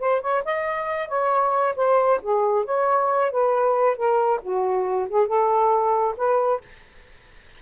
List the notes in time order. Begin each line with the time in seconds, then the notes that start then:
0.00 C5
0.21 C#5
0.45 D#5
1.09 C#5
1.76 C5
2.23 G#4
2.65 C#5
3.32 B4
3.97 A#4
4.43 F#4
5.09 G#4
5.27 A4
6.17 B4